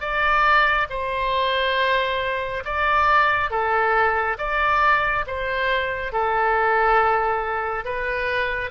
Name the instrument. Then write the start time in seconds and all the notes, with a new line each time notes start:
oboe
0.00 D5
0.89 C5
2.64 D5
3.50 A4
4.38 D5
5.26 C5
6.12 A4
7.85 B4